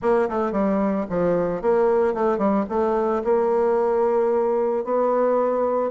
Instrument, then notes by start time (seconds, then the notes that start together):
bassoon
0.02 A#3
0.29 A3
0.52 G3
1.09 F3
1.61 A#3
2.14 A3
2.37 G3
2.69 A3
3.24 A#3
4.84 B3